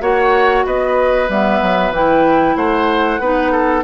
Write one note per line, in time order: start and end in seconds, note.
0.00 0.65 A#3
0.00 1.28 F#4
0.00 0.66 C#5
0.00 0.66 F#5
0.66 1.29 B3
0.66 2.57 B4
0.66 1.30 D#5
1.29 1.61 G3
1.29 1.94 B3
1.29 1.94 E5
1.62 1.91 F#3
1.91 2.55 E3
1.91 3.21 E4
1.91 2.57 G5
2.56 3.19 A3
2.56 3.20 C5
2.56 3.84 F#5
3.19 3.83 B3
3.19 3.84 D#4
3.19 3.52 B4
3.52 3.84 A4